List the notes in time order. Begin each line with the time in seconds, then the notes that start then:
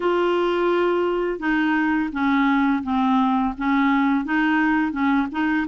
0.00 F4
1.39 D#4
2.12 C#4
2.83 C4
3.57 C#4
4.24 D#4
4.92 C#4
5.31 D#4